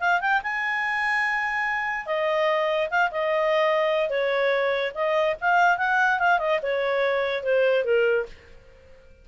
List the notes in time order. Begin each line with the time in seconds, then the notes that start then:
0.00 F5
0.21 G5
0.43 G#5
2.06 D#5
2.90 F5
3.11 D#5
4.09 C#5
4.94 D#5
5.41 F5
5.78 F#5
6.19 F5
6.39 D#5
6.62 C#5
7.43 C5
7.85 A#4